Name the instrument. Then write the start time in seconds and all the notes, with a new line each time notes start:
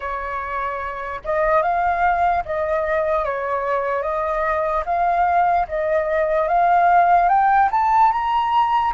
flute
0.00 C#5
1.24 D#5
1.62 F5
2.45 D#5
3.24 C#5
4.02 D#5
4.85 F5
5.68 D#5
6.48 F5
7.28 G5
7.71 A5
8.12 A#5